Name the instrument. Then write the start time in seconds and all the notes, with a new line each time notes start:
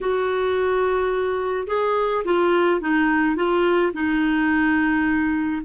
clarinet
0.01 F#4
1.67 G#4
2.24 F4
2.80 D#4
3.36 F4
3.93 D#4